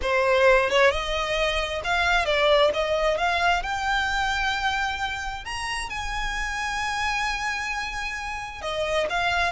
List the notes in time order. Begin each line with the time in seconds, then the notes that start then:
0.02 C5
0.70 C#5
0.90 D#5
1.84 F5
2.25 D5
2.73 D#5
3.17 F5
3.62 G5
5.44 A#5
5.89 G#5
8.61 D#5
9.09 F5